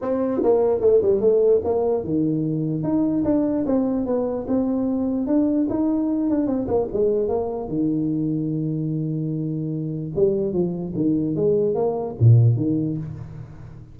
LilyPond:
\new Staff \with { instrumentName = "tuba" } { \time 4/4 \tempo 4 = 148 c'4 ais4 a8 g8 a4 | ais4 dis2 dis'4 | d'4 c'4 b4 c'4~ | c'4 d'4 dis'4. d'8 |
c'8 ais8 gis4 ais4 dis4~ | dis1~ | dis4 g4 f4 dis4 | gis4 ais4 ais,4 dis4 | }